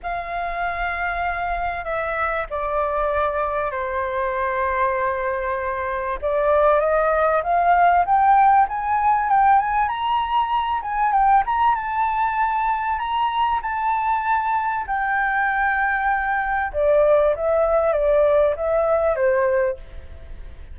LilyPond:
\new Staff \with { instrumentName = "flute" } { \time 4/4 \tempo 4 = 97 f''2. e''4 | d''2 c''2~ | c''2 d''4 dis''4 | f''4 g''4 gis''4 g''8 gis''8 |
ais''4. gis''8 g''8 ais''8 a''4~ | a''4 ais''4 a''2 | g''2. d''4 | e''4 d''4 e''4 c''4 | }